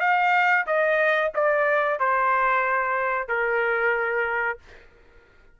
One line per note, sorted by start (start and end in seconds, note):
0.00 0.65 F5
0.67 1.32 D#5
1.35 2.00 D5
2.00 3.28 C5
3.28 4.59 A#4